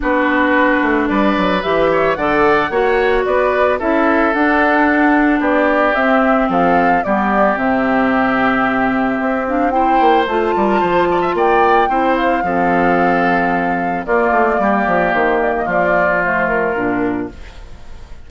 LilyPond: <<
  \new Staff \with { instrumentName = "flute" } { \time 4/4 \tempo 4 = 111 b'2 d''4 e''4 | fis''2 d''4 e''4 | fis''2 d''4 e''4 | f''4 d''4 e''2~ |
e''4. f''8 g''4 a''4~ | a''4 g''4. f''4.~ | f''2 d''2 | c''8 d''16 dis''16 d''4 c''8 ais'4. | }
  \new Staff \with { instrumentName = "oboe" } { \time 4/4 fis'2 b'4. cis''8 | d''4 cis''4 b'4 a'4~ | a'2 g'2 | a'4 g'2.~ |
g'2 c''4. ais'8 | c''8 d''16 e''16 d''4 c''4 a'4~ | a'2 f'4 g'4~ | g'4 f'2. | }
  \new Staff \with { instrumentName = "clarinet" } { \time 4/4 d'2. g'4 | a'4 fis'2 e'4 | d'2. c'4~ | c'4 b4 c'2~ |
c'4. d'8 e'4 f'4~ | f'2 e'4 c'4~ | c'2 ais2~ | ais2 a4 d'4 | }
  \new Staff \with { instrumentName = "bassoon" } { \time 4/4 b4. a8 g8 fis8 e4 | d4 ais4 b4 cis'4 | d'2 b4 c'4 | f4 g4 c2~ |
c4 c'4. ais8 a8 g8 | f4 ais4 c'4 f4~ | f2 ais8 a8 g8 f8 | dis4 f2 ais,4 | }
>>